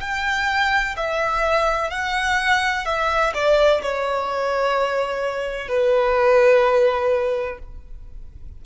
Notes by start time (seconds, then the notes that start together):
0.00 G5
0.96 E5
1.90 F#5
2.85 E5
3.34 D5
3.82 C#5
5.68 B4